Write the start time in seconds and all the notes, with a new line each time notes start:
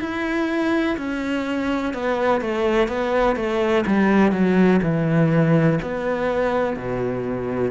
0.00 E4
0.97 C#4
1.94 B3
2.41 A3
2.88 B3
3.36 A3
3.86 G3
4.32 F#3
4.82 E3
5.82 B3
6.76 B2